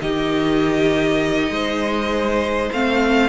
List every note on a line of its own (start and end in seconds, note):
0.00 1.49 D#3
0.00 2.71 D#4
0.00 1.51 G4
0.00 2.70 D#5
1.49 2.69 G#3
1.49 3.28 C5
2.72 3.28 A3
2.72 3.28 C4
2.72 3.28 F5